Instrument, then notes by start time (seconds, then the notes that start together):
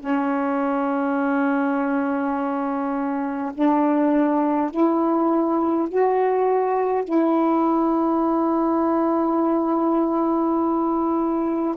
saxophone
0.00 C#4
3.55 D4
4.72 E4
5.89 F#4
7.05 E4